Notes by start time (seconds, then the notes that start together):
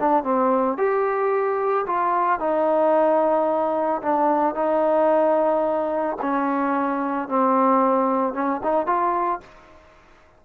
0.00 D4
0.24 C4
0.78 G4
1.87 F4
2.40 D#4
4.02 D4
4.55 D#4
6.22 C#4
7.29 C4
8.34 C#4
8.64 D#4
8.87 F4